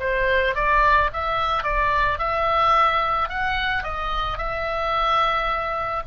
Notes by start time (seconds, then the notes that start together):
0.00 C5
0.55 D5
1.13 E5
1.63 D5
2.19 E5
3.29 F#5
3.84 D#5
4.38 E5